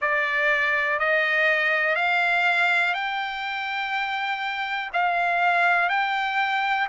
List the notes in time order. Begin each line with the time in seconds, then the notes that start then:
0.00 D5
0.99 D#5
1.95 F5
2.93 G5
4.93 F5
5.89 G5